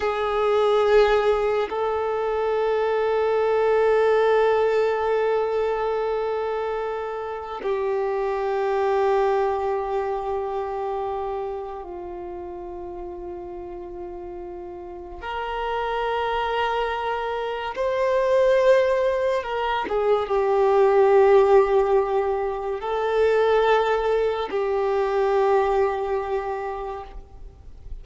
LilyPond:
\new Staff \with { instrumentName = "violin" } { \time 4/4 \tempo 4 = 71 gis'2 a'2~ | a'1~ | a'4 g'2.~ | g'2 f'2~ |
f'2 ais'2~ | ais'4 c''2 ais'8 gis'8 | g'2. a'4~ | a'4 g'2. | }